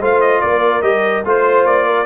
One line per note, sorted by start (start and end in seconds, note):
0.00 0.42 A3
0.00 0.82 F4
0.00 0.41 C5
0.00 0.20 F5
0.20 0.41 D#5
0.41 0.81 A#3
0.41 1.26 A#4
0.41 0.82 D5
0.81 1.23 G3
0.81 1.23 G4
0.81 1.23 D#5
1.25 1.64 A3
1.25 2.05 F4
1.25 1.86 C5
1.25 1.66 C5
1.64 2.05 A#3
1.64 2.05 D5
1.86 2.05 A#4